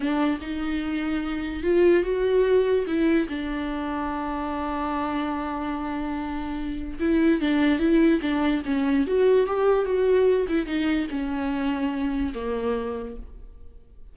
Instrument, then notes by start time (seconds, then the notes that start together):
viola
0.00 D4
0.41 D#4
1.63 F4
2.03 F#4
2.86 E4
3.28 D4
6.99 E4
7.40 D4
7.79 E4
8.21 D4
8.65 C#4
9.06 F#4
9.47 G4
9.85 F#4
10.48 E4
10.66 D#4
11.10 C#4
12.34 A#3